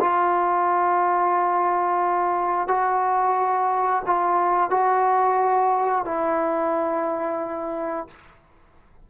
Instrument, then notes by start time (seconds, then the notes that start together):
trombone
0.00 F4
2.68 F#4
4.06 F4
4.70 F#4
6.05 E4